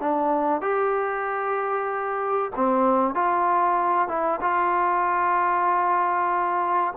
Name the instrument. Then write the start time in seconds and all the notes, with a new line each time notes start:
trombone
0.00 D4
0.62 G4
2.56 C4
3.15 F4
4.09 E4
4.41 F4